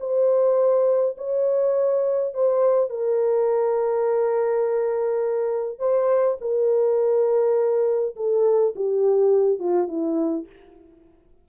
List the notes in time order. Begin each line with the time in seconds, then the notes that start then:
0.00 C5
1.18 C#5
2.34 C5
2.90 A#4
5.79 C5
6.41 A#4
8.16 A4
8.76 G4
9.60 F4
9.88 E4